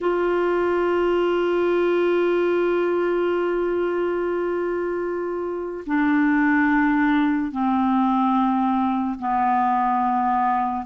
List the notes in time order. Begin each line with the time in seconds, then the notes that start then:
0.00 F4
5.86 D4
7.51 C4
9.18 B3